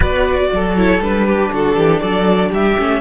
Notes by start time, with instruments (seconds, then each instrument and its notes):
0.00 cello B3, viola F#4, violin B4 D5
0.53 cello F#3, violin A4
0.76 viola E4, violin C#5
0.99 cello G3, viola D4, violin B4
1.26 violin G4
1.52 cello D3, violin F#4 A4
1.75 cello E3, violin G4
1.99 cello F#3, violin A4 D5
2.49 cello G3, violin G4 E5
2.78 cello A3, viola C#4